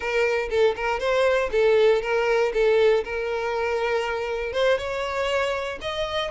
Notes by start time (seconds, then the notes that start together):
0.00 A#4
0.50 A4
0.76 A#4
0.99 C5
1.51 A4
2.02 A#4
2.53 A4
3.04 A#4
4.52 C5
4.78 C#5
5.81 D#5